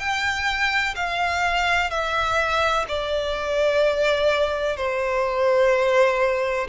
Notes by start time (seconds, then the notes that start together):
0.00 G5
0.96 F5
1.90 E5
2.88 D5
4.77 C5